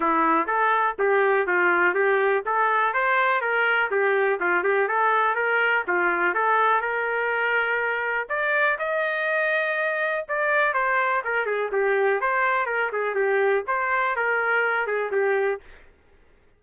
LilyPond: \new Staff \with { instrumentName = "trumpet" } { \time 4/4 \tempo 4 = 123 e'4 a'4 g'4 f'4 | g'4 a'4 c''4 ais'4 | g'4 f'8 g'8 a'4 ais'4 | f'4 a'4 ais'2~ |
ais'4 d''4 dis''2~ | dis''4 d''4 c''4 ais'8 gis'8 | g'4 c''4 ais'8 gis'8 g'4 | c''4 ais'4. gis'8 g'4 | }